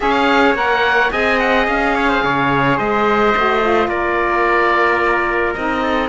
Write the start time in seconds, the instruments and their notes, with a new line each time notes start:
0.00 cello C#4, saxophone G#4, trumpet C#5, oboe F5
0.54 cello A#3, saxophone A#4, oboe F#5
1.12 cello C4, saxophone G#4, trumpet D#5, oboe G#5
1.39 oboe F#5
1.67 cello C#4, oboe F5
1.95 trumpet C#5
2.08 trumpet C5
2.23 cello C#3, trumpet C#5
2.77 cello G#3, trumpet C5, oboe D#5
3.36 cello A3, saxophone F#4
3.61 saxophone F4
3.87 cello A#3, trumpet A#4, oboe D5
5.53 cello C4, saxophone D#4, oboe D#5
5.82 trumpet A4